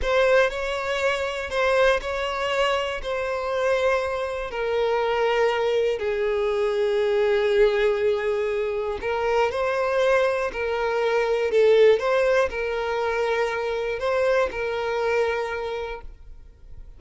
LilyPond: \new Staff \with { instrumentName = "violin" } { \time 4/4 \tempo 4 = 120 c''4 cis''2 c''4 | cis''2 c''2~ | c''4 ais'2. | gis'1~ |
gis'2 ais'4 c''4~ | c''4 ais'2 a'4 | c''4 ais'2. | c''4 ais'2. | }